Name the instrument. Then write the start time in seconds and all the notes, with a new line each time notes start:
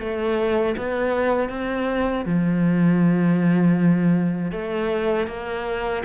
cello
0.00 A3
0.77 B3
1.49 C4
2.25 F3
4.52 A3
5.28 A#3